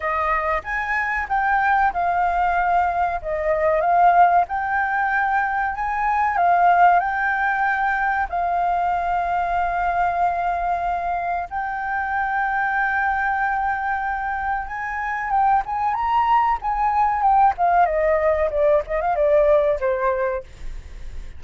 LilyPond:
\new Staff \with { instrumentName = "flute" } { \time 4/4 \tempo 4 = 94 dis''4 gis''4 g''4 f''4~ | f''4 dis''4 f''4 g''4~ | g''4 gis''4 f''4 g''4~ | g''4 f''2.~ |
f''2 g''2~ | g''2. gis''4 | g''8 gis''8 ais''4 gis''4 g''8 f''8 | dis''4 d''8 dis''16 f''16 d''4 c''4 | }